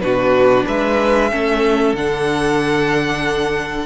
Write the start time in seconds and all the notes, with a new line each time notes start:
0.00 B2 D4 F#4 B4
0.66 G#3 B4 E5
1.31 A3 C#4 A4
1.94 D3 D4 F#5